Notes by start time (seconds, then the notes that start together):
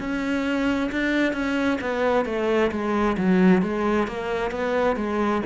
0.00 C#4
0.92 D4
1.33 C#4
1.81 B3
2.26 A3
2.71 G#3
3.18 F#3
3.62 G#3
4.08 A#3
4.51 B3
4.96 G#3